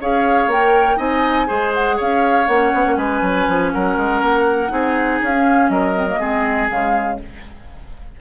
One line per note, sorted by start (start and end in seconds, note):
0.00 0.47 C#4
0.00 0.50 G#4
0.00 0.97 C#5
0.00 0.51 F5
0.47 0.97 A#3
0.47 0.97 A#4
0.47 0.98 G5
0.97 1.48 C4
0.97 1.46 D#4
0.97 1.47 D#5
0.97 1.72 G#5
1.46 1.99 G#3
1.46 2.46 G#4
1.46 1.96 C5
1.74 1.99 F#5
1.96 2.47 C#4
1.96 2.95 C#5
1.96 2.47 F5
2.47 2.72 A#3
2.47 4.68 C#4
2.47 2.96 F#5
2.73 2.86 B3
2.86 2.96 A#3
2.96 3.21 G#3
2.96 3.71 B4
2.96 3.71 G#5
3.21 3.46 F#3
3.48 3.72 F3
3.72 3.96 F#3
3.72 4.72 A#4
3.72 5.21 F#5
3.96 4.21 G#3
4.21 4.70 A#3
4.68 5.20 C4
4.68 5.30 D#4
4.68 5.71 G#4
5.21 5.69 C#4
5.21 5.70 F5
5.34 5.94 C#4
5.69 6.18 F#3
5.69 6.19 A#4
5.69 6.69 D#5
5.94 6.07 C4
6.08 6.20 A#3
6.19 6.69 G#3
6.19 6.69 C4
6.19 7.18 G#4
6.69 7.20 C#3
6.69 7.19 G#3
6.69 7.20 F5